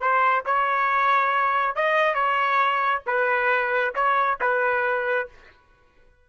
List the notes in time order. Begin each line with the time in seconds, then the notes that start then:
0.00 C5
0.45 C#5
1.75 D#5
2.14 C#5
3.06 B4
3.95 C#5
4.40 B4